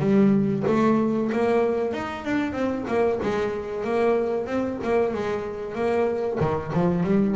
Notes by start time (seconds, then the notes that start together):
0.00 G3
0.67 A3
1.33 A#3
1.94 D#4
2.25 D4
2.53 C4
2.88 A#3
3.23 G#3
3.85 A#3
4.47 C4
4.84 A#3
5.14 G#3
5.75 A#3
6.41 D#3
6.73 F3
7.04 G3